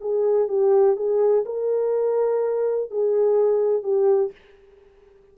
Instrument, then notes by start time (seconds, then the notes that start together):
horn
0.00 G#4
0.48 G4
0.96 G#4
1.45 A#4
2.90 G#4
3.83 G4